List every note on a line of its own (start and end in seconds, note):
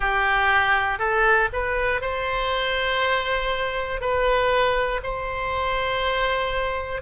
0.00 0.99 G4
0.99 1.49 A4
1.53 2.01 B4
2.01 4.00 C5
4.00 5.00 B4
5.03 7.01 C5